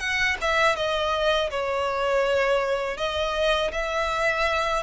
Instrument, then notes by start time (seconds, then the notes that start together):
violin
0.00 F#5
0.41 E5
0.76 D#5
1.51 C#5
2.97 D#5
3.72 E5